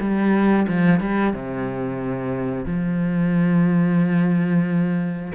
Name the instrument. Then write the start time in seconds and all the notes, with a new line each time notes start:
cello
0.00 G3
0.68 F3
1.00 G3
1.33 C3
2.65 F3